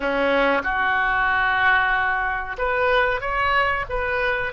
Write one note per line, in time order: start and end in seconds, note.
0.00 0.62 C#4
0.63 2.57 F#4
2.58 3.21 B4
3.21 3.85 C#5
3.89 4.53 B4